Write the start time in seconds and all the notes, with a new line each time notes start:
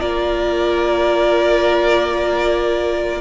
0.00 A#3 F4 A#4 D5